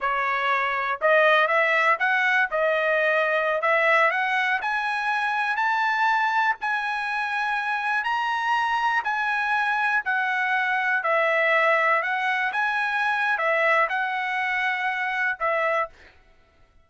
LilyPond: \new Staff \with { instrumentName = "trumpet" } { \time 4/4 \tempo 4 = 121 cis''2 dis''4 e''4 | fis''4 dis''2~ dis''16 e''8.~ | e''16 fis''4 gis''2 a''8.~ | a''4~ a''16 gis''2~ gis''8.~ |
gis''16 ais''2 gis''4.~ gis''16~ | gis''16 fis''2 e''4.~ e''16~ | e''16 fis''4 gis''4.~ gis''16 e''4 | fis''2. e''4 | }